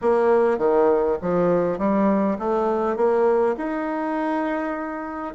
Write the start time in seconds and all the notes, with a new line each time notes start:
0.01 A#3
0.58 D#3
1.21 F3
1.78 G3
2.38 A3
2.96 A#3
3.57 D#4